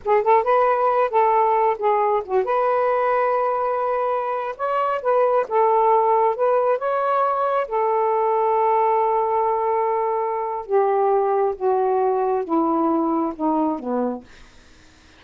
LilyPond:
\new Staff \with { instrumentName = "saxophone" } { \time 4/4 \tempo 4 = 135 gis'8 a'8 b'4. a'4. | gis'4 fis'8 b'2~ b'8~ | b'2~ b'16 cis''4 b'8.~ | b'16 a'2 b'4 cis''8.~ |
cis''4~ cis''16 a'2~ a'8.~ | a'1 | g'2 fis'2 | e'2 dis'4 b4 | }